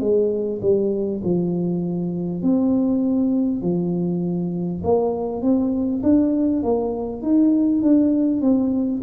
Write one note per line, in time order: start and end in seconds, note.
0.00 0.60 G#3
0.62 1.22 G3
1.24 2.42 F3
2.42 3.62 C4
3.62 4.82 F3
4.83 5.42 A#3
5.42 6.02 C4
6.02 6.62 D4
6.62 7.22 A#3
7.22 7.82 D#4
7.82 8.41 D4
8.41 9.01 C4